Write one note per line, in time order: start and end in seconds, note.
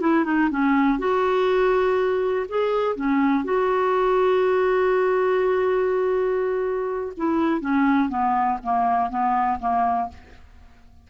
0.00 0.25 E4
0.25 0.49 D#4
0.50 0.99 C#4
0.99 2.46 F#4
2.49 2.96 G#4
2.96 3.44 C#4
3.44 7.13 F#4
7.17 7.61 E4
7.61 8.09 C#4
8.09 8.58 B3
8.63 9.10 A#3
9.10 9.59 B3
9.59 10.09 A#3